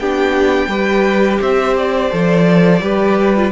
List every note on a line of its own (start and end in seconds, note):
0.00 0.68 B3
0.00 0.70 D4
0.00 0.69 G4
0.00 1.41 G5
0.68 1.39 G3
0.68 2.11 G4
0.68 1.40 B4
1.42 2.12 C4
1.42 2.83 C5
1.42 1.77 E5
1.77 3.52 D5
2.11 2.81 F3
2.11 2.82 A4
2.81 3.52 G3
2.81 3.36 G4
2.81 3.52 B4
3.36 3.52 F4